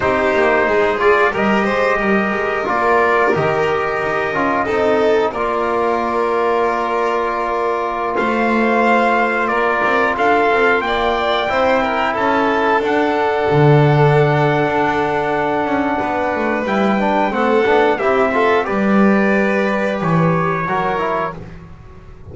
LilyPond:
<<
  \new Staff \with { instrumentName = "trumpet" } { \time 4/4 \tempo 4 = 90 c''4. d''8 dis''2 | d''4 dis''2. | d''1~ | d''16 f''2 d''4 f''8.~ |
f''16 g''2 a''4 fis''8.~ | fis''1~ | fis''4 g''4 fis''4 e''4 | d''2 cis''2 | }
  \new Staff \with { instrumentName = "violin" } { \time 4/4 g'4 gis'4 ais'8 c''8 ais'4~ | ais'2. a'4 | ais'1~ | ais'16 c''2 ais'4 a'8.~ |
a'16 d''4 c''8 ais'8 a'4.~ a'16~ | a'1 | b'2 a'4 g'8 a'8 | b'2. ais'4 | }
  \new Staff \with { instrumentName = "trombone" } { \time 4/4 dis'4. f'8 g'2 | f'4 g'4. f'8 dis'4 | f'1~ | f'1~ |
f'4~ f'16 e'2 d'8.~ | d'1~ | d'4 e'8 d'8 c'8 d'8 e'8 f'8 | g'2. fis'8 e'8 | }
  \new Staff \with { instrumentName = "double bass" } { \time 4/4 c'8 ais8 gis4 g8 gis8 g8 gis8 | ais4 dis4 dis'8 cis'8 c'4 | ais1~ | ais16 a2 ais8 c'8 d'8 c'16~ |
c'16 ais4 c'4 cis'4 d'8.~ | d'16 d4.~ d16 d'4. cis'8 | b8 a8 g4 a8 b8 c'4 | g2 e4 fis4 | }
>>